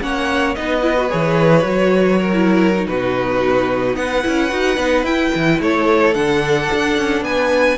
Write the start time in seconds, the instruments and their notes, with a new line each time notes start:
0.00 cello A#3, viola C#4, violin C#5 F#5
0.55 cello B3, viola D#4, violin B4 D#5
0.81 viola E4
0.97 viola F#4
1.09 cello E3, viola G#4, violin C#5
1.62 cello F#3, viola F#4
2.19 violin A#4
2.33 viola E4
2.73 viola D#4
2.87 cello B2, violin F#4 B4
3.96 cello B3, violin B4 F#5
4.22 cello C#4, viola E4
4.48 cello D#4, viola F#4
4.77 cello B3, viola D#4
5.03 cello E4, viola E4, violin G5
5.35 cello E3
5.60 cello A3, violin A4 C#5
6.14 cello D3, viola D4, violin F#5
6.72 cello D4
6.97 cello C#4
7.21 cello B3, violin B4 G#5